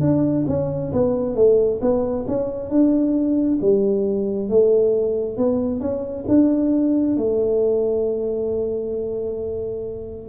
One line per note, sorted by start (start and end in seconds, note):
0.00 0.45 D4
0.47 0.92 C#4
0.92 1.35 B3
1.35 1.80 A3
1.81 2.26 B3
2.27 2.69 C#4
2.69 3.59 D4
3.61 4.49 G3
4.49 5.37 A3
5.37 5.80 B3
5.80 6.25 C#4
6.27 7.16 D4
7.16 10.28 A3